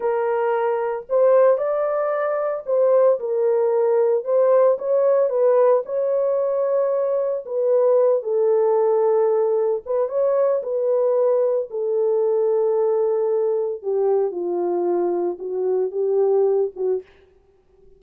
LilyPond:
\new Staff \with { instrumentName = "horn" } { \time 4/4 \tempo 4 = 113 ais'2 c''4 d''4~ | d''4 c''4 ais'2 | c''4 cis''4 b'4 cis''4~ | cis''2 b'4. a'8~ |
a'2~ a'8 b'8 cis''4 | b'2 a'2~ | a'2 g'4 f'4~ | f'4 fis'4 g'4. fis'8 | }